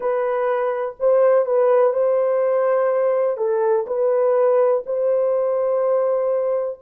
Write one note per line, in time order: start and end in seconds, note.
0.00 0.95 B4
0.99 1.45 C5
1.45 1.93 B4
1.93 3.37 C5
3.37 3.85 A4
3.86 4.83 B4
4.86 6.79 C5